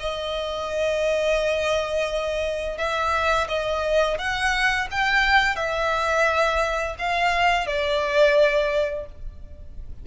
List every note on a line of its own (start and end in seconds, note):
0.00 2.78 D#5
2.78 3.48 E5
3.49 4.18 D#5
4.19 4.88 F#5
4.92 5.56 G5
5.56 6.96 E5
6.99 7.67 F5
7.67 9.06 D5